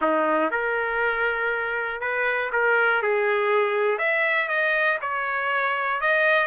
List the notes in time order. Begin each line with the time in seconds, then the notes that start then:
0.01 D#4
0.50 A#4
2.00 B4
2.52 A#4
3.02 G#4
3.98 E5
4.48 D#5
5.01 C#5
6.00 D#5